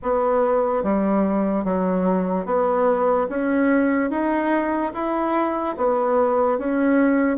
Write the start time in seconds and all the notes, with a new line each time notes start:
0.02 B3
0.83 G3
1.64 F#3
2.45 B3
3.29 C#4
4.10 D#4
4.93 E4
5.77 B3
6.58 C#4